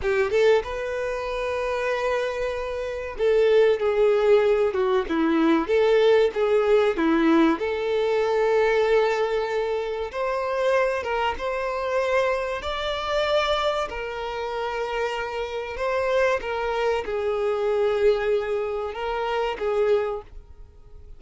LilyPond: \new Staff \with { instrumentName = "violin" } { \time 4/4 \tempo 4 = 95 g'8 a'8 b'2.~ | b'4 a'4 gis'4. fis'8 | e'4 a'4 gis'4 e'4 | a'1 |
c''4. ais'8 c''2 | d''2 ais'2~ | ais'4 c''4 ais'4 gis'4~ | gis'2 ais'4 gis'4 | }